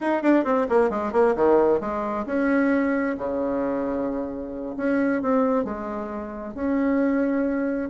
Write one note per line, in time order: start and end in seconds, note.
0.00 0.22 D#4
0.22 0.44 D4
0.44 0.66 C4
0.69 0.90 A#3
0.90 1.12 G#3
1.12 1.35 A#3
1.35 1.80 D#3
1.80 2.25 G#3
2.26 3.16 C#4
3.17 4.75 C#3
4.77 5.22 C#4
5.22 5.64 C4
5.64 6.54 G#3
6.54 7.89 C#4